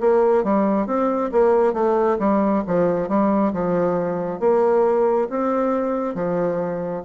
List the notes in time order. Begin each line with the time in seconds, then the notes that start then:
0.00 A#3
0.44 G3
0.87 C4
1.32 A#3
1.73 A3
2.19 G3
2.67 F3
3.08 G3
3.53 F3
4.40 A#3
5.30 C4
6.15 F3